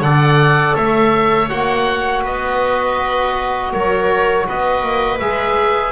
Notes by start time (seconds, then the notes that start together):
0.00 D3 A4 D5 F#5
0.75 A3 C#5 E5
1.49 A#3 F#4 F#5
2.22 B3 B4 D#5
3.73 F#3 A#4 C#5
4.47 B3 B4 D#5
4.82 A#3
5.19 G#3 G#4 E5